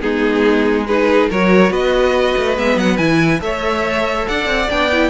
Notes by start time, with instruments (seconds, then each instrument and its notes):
0.00 cello G#3, viola B3, violin D#4 G#4
0.87 viola D#4, violin G#4 B4
1.30 cello F#3, viola F#4, violin A#4 C#5
1.70 cello B3, violin B4 D#5
2.37 cello A3
2.56 cello G#3, viola B3, violin E5
2.76 cello F#3, violin F#5
2.97 cello E3, viola E4, violin G#5
3.40 cello A3, viola A4, violin C#5 E5
4.27 cello D4, violin D5 F#5
4.46 cello C4
4.68 cello B3, viola D4, violin G5
4.92 viola E4